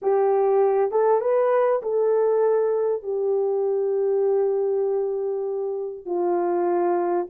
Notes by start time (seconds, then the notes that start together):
0.02 G4
0.91 A4
1.21 B4
1.82 A4
3.02 G4
6.05 F4